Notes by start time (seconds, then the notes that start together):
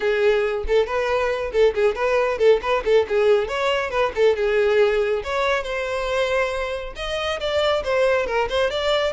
0.00 G#4
0.67 A4
0.86 B4
1.52 A4
1.74 G#4
1.95 B4
2.38 A4
2.62 B4
2.84 A4
3.08 G#4
3.48 C#5
3.90 B4
4.15 A4
4.35 G#4
5.23 C#5
5.63 C5
6.96 D#5
7.40 D5
7.84 C5
8.26 A#4
8.49 C5
8.70 D5